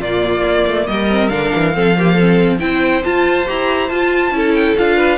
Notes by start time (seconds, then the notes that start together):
0.00 A#2 A#3 F4 D5
0.44 A#3
0.67 A3
0.87 G3 A#4 D#5
1.10 C4
1.29 D3 D4 F5
1.55 E3
1.74 F3 C4 A4
1.97 A#3 G4
2.13 C4 A4
2.60 C4 E4 C5 G5
3.04 F4 A5
3.46 E4 G4 A#5
3.89 F4 A5
4.31 C#4 E4 A4
4.55 G5
4.78 D4 F4 F5
4.97 B4